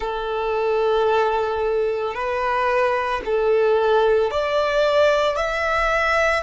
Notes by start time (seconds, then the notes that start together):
0.00 A4
2.14 B4
3.25 A4
4.31 D5
5.36 E5